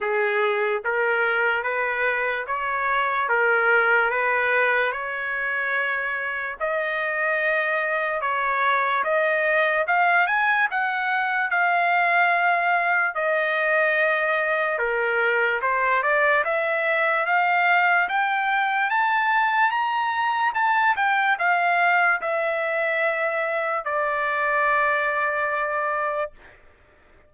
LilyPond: \new Staff \with { instrumentName = "trumpet" } { \time 4/4 \tempo 4 = 73 gis'4 ais'4 b'4 cis''4 | ais'4 b'4 cis''2 | dis''2 cis''4 dis''4 | f''8 gis''8 fis''4 f''2 |
dis''2 ais'4 c''8 d''8 | e''4 f''4 g''4 a''4 | ais''4 a''8 g''8 f''4 e''4~ | e''4 d''2. | }